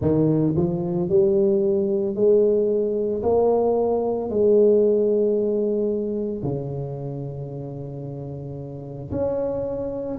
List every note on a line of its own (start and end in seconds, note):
0.01 0.55 D#3
0.56 1.09 F3
1.09 2.15 G3
2.15 3.22 G#3
3.22 4.30 A#3
4.30 6.42 G#3
6.42 9.10 C#3
9.11 10.18 C#4